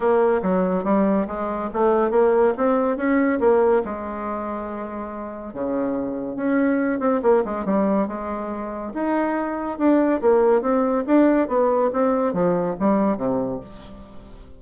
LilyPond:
\new Staff \with { instrumentName = "bassoon" } { \time 4/4 \tempo 4 = 141 ais4 fis4 g4 gis4 | a4 ais4 c'4 cis'4 | ais4 gis2.~ | gis4 cis2 cis'4~ |
cis'8 c'8 ais8 gis8 g4 gis4~ | gis4 dis'2 d'4 | ais4 c'4 d'4 b4 | c'4 f4 g4 c4 | }